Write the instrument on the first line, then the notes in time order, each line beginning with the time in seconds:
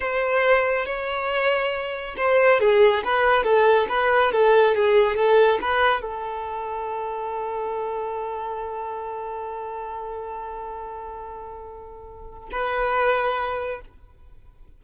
violin
0.00 C5
0.85 C#5
2.16 C5
2.60 G#4
3.04 B4
3.43 A4
3.88 B4
4.32 A4
4.75 G#4
5.16 A4
5.61 B4
6.01 A4
12.51 B4